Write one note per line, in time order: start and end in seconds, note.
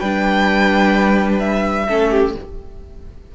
0.00 1.88 G3
0.00 1.88 D4
0.00 1.86 B4
0.00 1.39 G5
1.39 2.32 E5
1.88 2.36 A3
1.88 2.34 C#4
1.88 2.11 A4
2.11 2.34 G4